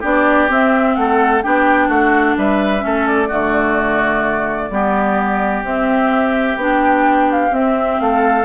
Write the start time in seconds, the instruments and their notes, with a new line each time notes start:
0.00 bassoon B3, clarinet D4, oboe G4, flute D5
0.48 clarinet C4, bassoon C4, flute E5
0.95 bassoon A3, oboe A4, flute F#5
1.43 bassoon B3, clarinet D4, oboe G4, flute G5
1.88 bassoon A3, oboe F#4, flute F#5
2.37 bassoon G3, oboe B4, flute E5
2.80 bassoon A3, clarinet C#4, oboe A4
3.07 flute D5
3.28 bassoon D3, clarinet A3, oboe F#4
4.70 bassoon G3, clarinet B3, oboe G4
5.63 bassoon C4, clarinet C4, flute E5
6.56 bassoon B3, clarinet D4
6.62 flute G5
7.32 flute F5
7.50 clarinet C4, bassoon C4, flute E5
8.00 bassoon A3, oboe A4, flute F5